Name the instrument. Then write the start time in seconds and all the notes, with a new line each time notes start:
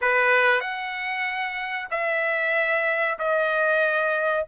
trumpet
0.01 B4
0.60 F#5
1.90 E5
3.18 D#5